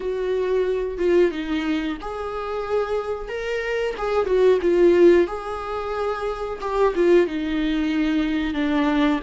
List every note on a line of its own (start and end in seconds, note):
0.00 0.98 F#4
0.98 1.31 F4
1.31 1.97 D#4
2.01 3.28 G#4
3.28 3.94 A#4
3.97 4.26 G#4
4.26 4.59 F#4
4.61 5.27 F4
5.27 6.59 G#4
6.61 6.94 G4
6.95 7.26 F4
7.26 8.54 D#4
8.54 9.20 D4